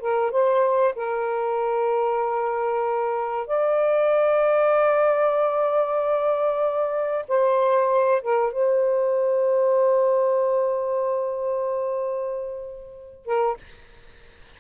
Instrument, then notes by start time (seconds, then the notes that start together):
saxophone
0.00 A#4
0.31 C5
0.95 A#4
3.47 D5
7.28 C5
8.22 A#4
8.53 C5
13.25 A#4